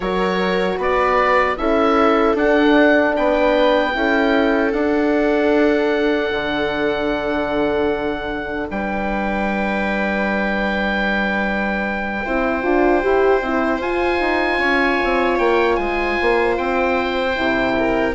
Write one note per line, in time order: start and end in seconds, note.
0.00 0.78 F#3
0.00 1.57 F#4
0.00 0.78 A#4
0.00 0.79 C#5
0.78 1.57 B3
0.78 1.57 B4
0.78 1.57 D5
1.57 2.34 C#4
1.57 2.36 E4
1.57 3.16 A4
1.57 2.36 E5
2.34 3.13 D4
2.34 3.93 D4
2.34 3.16 F#5
3.16 3.95 B3
3.16 3.95 B4
3.16 4.72 G5
3.93 4.73 C#4
3.93 4.72 E4
3.93 8.70 A4
4.72 12.22 D4
4.72 6.31 D4
4.72 8.67 F#5
6.31 8.68 D3
8.70 12.25 G3
8.70 12.25 B4
8.70 13.81 G5
12.25 12.63 C4
12.25 12.62 E4
12.25 14.60 C5
12.62 13.03 D4
12.62 13.02 F4
13.02 13.41 E4
13.02 13.41 G4
13.41 13.79 C4
13.41 13.81 E4
13.79 14.18 F4
13.79 17.35 F4
13.79 15.38 G#5
14.19 14.59 D#4
14.59 14.98 C#4
14.59 15.77 C#5
15.03 15.38 C4
15.38 15.78 A#3
15.38 15.75 G5
15.75 16.17 G#3
15.75 17.74 C5
15.75 16.54 G#5
16.21 16.58 A#3
16.57 17.37 C4
16.57 18.15 G5
17.35 18.15 C3
17.35 18.14 E4
17.78 18.15 A#4